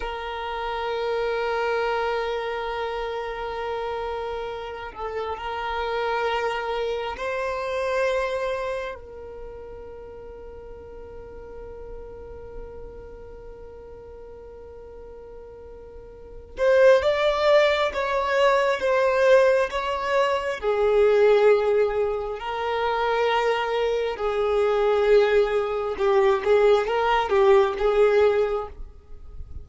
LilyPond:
\new Staff \with { instrumentName = "violin" } { \time 4/4 \tempo 4 = 67 ais'1~ | ais'4. a'8 ais'2 | c''2 ais'2~ | ais'1~ |
ais'2~ ais'8 c''8 d''4 | cis''4 c''4 cis''4 gis'4~ | gis'4 ais'2 gis'4~ | gis'4 g'8 gis'8 ais'8 g'8 gis'4 | }